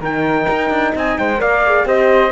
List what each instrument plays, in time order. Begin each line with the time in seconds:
0.00 cello D#3, horn D#4, flute A#4, trumpet G5
0.50 cello D#4
0.69 cello D4
0.95 cello C4, flute D#5, trumpet G#5
1.18 cello G#3, flute C5, trumpet G5
1.37 cello A#3, horn A#4, flute D5, trumpet F5
1.66 horn G#4
1.84 cello C4, horn G4, flute C5, trumpet D#5